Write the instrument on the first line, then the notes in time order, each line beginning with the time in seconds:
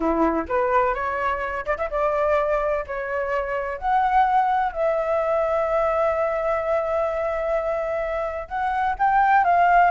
flute
0.00 E4
0.48 B4
0.94 C#5
1.65 D5
1.77 E5
1.90 D5
2.86 C#5
3.78 F#5
4.72 E5
8.48 F#5
8.98 G5
9.44 F5